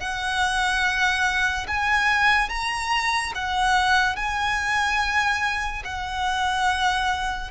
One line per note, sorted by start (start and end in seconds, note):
0.00 1.67 F#5
1.68 2.49 G#5
2.49 3.33 A#5
3.34 4.16 F#5
4.16 5.83 G#5
5.84 7.51 F#5